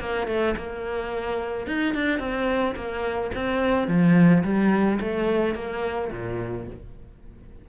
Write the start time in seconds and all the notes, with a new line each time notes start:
0.00 A#3
0.28 A3
0.57 A#3
1.67 D#4
1.95 D4
2.19 C4
2.76 A#3
3.35 C4
3.88 F3
4.44 G3
5.01 A3
5.55 A#3
6.12 A#2